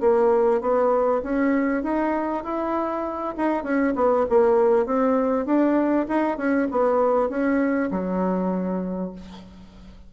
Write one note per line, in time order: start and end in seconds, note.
0.00 0.61 A#3
0.61 1.21 B3
1.23 1.83 C#4
1.83 2.44 D#4
2.44 3.34 E4
3.36 3.63 D#4
3.63 3.94 C#4
3.95 4.25 B3
4.29 4.85 A#3
4.85 5.45 C4
5.45 6.06 D4
6.08 6.37 D#4
6.37 6.67 C#4
6.71 7.29 B3
7.29 7.90 C#4
7.91 9.12 F#3